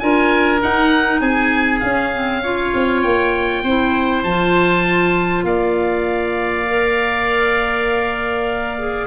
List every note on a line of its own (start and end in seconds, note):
0.00 0.63 D4
0.00 0.61 F4
0.00 1.21 A#4
0.00 0.61 G#5
0.61 1.82 D#4
0.61 1.21 D#4
0.61 1.22 F#5
1.21 1.81 C4
1.21 2.42 G#4
1.21 1.81 G#5
1.81 2.13 C#4
1.81 2.74 C#4
1.81 3.02 F5
2.14 2.44 C4
2.43 3.65 F4
2.43 3.63 C#5
2.75 3.05 C4
3.02 3.64 A#3
3.02 4.24 G5
3.63 4.24 C4
3.63 4.28 E4
3.63 5.45 C5
4.24 5.44 F3
4.24 6.68 F4
4.24 5.45 A5
5.44 9.08 A#3
5.44 9.08 D5
5.44 9.08 F5
6.68 8.79 A#4
8.79 9.08 G#4